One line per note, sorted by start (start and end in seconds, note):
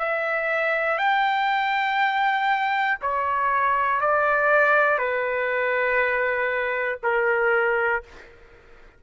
0.00 0.99 E5
0.99 2.98 G5
3.02 4.01 C#5
4.01 4.99 D5
4.99 6.99 B4
7.04 8.04 A#4